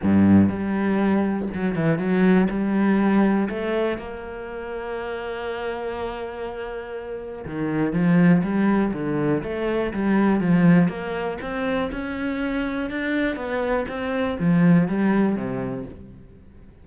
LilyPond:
\new Staff \with { instrumentName = "cello" } { \time 4/4 \tempo 4 = 121 g,4 g2 fis8 e8 | fis4 g2 a4 | ais1~ | ais2. dis4 |
f4 g4 d4 a4 | g4 f4 ais4 c'4 | cis'2 d'4 b4 | c'4 f4 g4 c4 | }